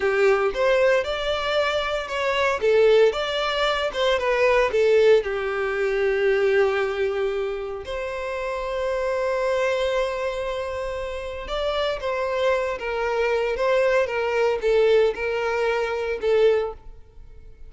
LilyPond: \new Staff \with { instrumentName = "violin" } { \time 4/4 \tempo 4 = 115 g'4 c''4 d''2 | cis''4 a'4 d''4. c''8 | b'4 a'4 g'2~ | g'2. c''4~ |
c''1~ | c''2 d''4 c''4~ | c''8 ais'4. c''4 ais'4 | a'4 ais'2 a'4 | }